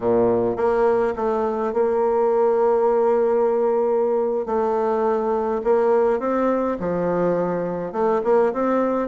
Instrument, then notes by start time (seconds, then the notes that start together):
bassoon
0.00 A#2
0.56 A#3
1.16 A3
1.73 A#3
4.46 A3
5.64 A#3
6.19 C4
6.79 F3
7.92 A3
8.24 A#3
8.53 C4